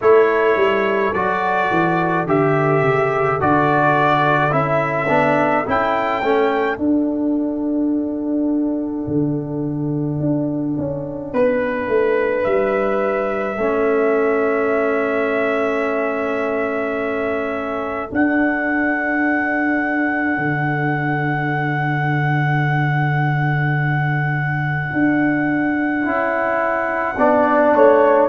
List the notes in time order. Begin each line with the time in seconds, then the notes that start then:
0.01 A3 E4 A4 C#5
0.56 G3
1.13 F#3 F#4 D5
1.70 E3
2.25 D3 G4 E5
2.81 C#3
3.40 D3 F#4 D5
4.50 C#4 E4 E5
5.08 B3 D4
5.65 C#4 E4 G5
6.22 A3 C#4
6.77 D4 F#5
9.07 D3
10.20 D4
10.78 C#4
11.32 B3 B4
11.88 A3
12.43 G3 E5
13.56 A3 C#4 A4
18.09 D4 F#5
20.37 D3
24.92 D4
26.01 C#4 E4
27.17 B3 D4 D5
27.75 A3 C#5